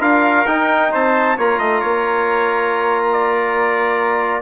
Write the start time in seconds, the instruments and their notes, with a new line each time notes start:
0.00 bassoon D4, trombone F4, trumpet A#4 F5
0.47 bassoon D#4, trombone D#4, trumpet G5
0.91 bassoon C4, trumpet C5 A5
1.37 bassoon A#3, trombone F4, trumpet C#5 A#5
1.58 bassoon A3, trumpet D#5
1.81 bassoon A#3, trumpet C#5
3.11 trumpet D5